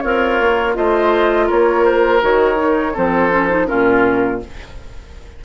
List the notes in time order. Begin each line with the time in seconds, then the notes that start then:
0.00 C4 F4 A#4 C#5
0.39 A#3
0.74 A3 F4 C5 D#5
1.46 A#3 A#4 C#5
1.84 C5
2.20 D#3 F#4 C#5
2.55 D#4
2.93 F3 C4 A4 C5
3.30 C#4
3.49 D#4
3.66 A#2 C#4 F4 A#4